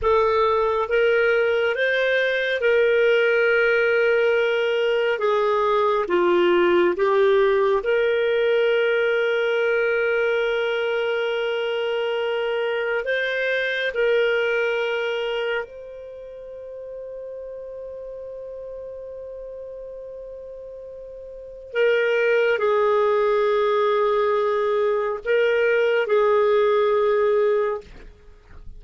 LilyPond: \new Staff \with { instrumentName = "clarinet" } { \time 4/4 \tempo 4 = 69 a'4 ais'4 c''4 ais'4~ | ais'2 gis'4 f'4 | g'4 ais'2.~ | ais'2. c''4 |
ais'2 c''2~ | c''1~ | c''4 ais'4 gis'2~ | gis'4 ais'4 gis'2 | }